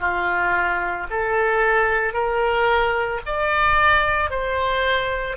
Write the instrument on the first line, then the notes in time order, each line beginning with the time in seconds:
oboe
0.00 F4
1.11 A4
2.14 A#4
3.26 D5
4.31 C5